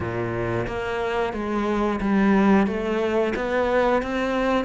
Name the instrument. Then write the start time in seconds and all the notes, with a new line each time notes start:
cello
0.00 A#2
0.67 A#3
1.33 G#3
2.00 G3
2.66 A3
3.35 B3
4.02 C4